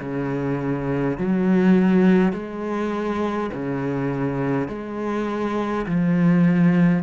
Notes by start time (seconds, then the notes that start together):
0.00 C#3
1.18 F#3
2.33 G#3
3.53 C#3
4.68 G#3
5.86 F3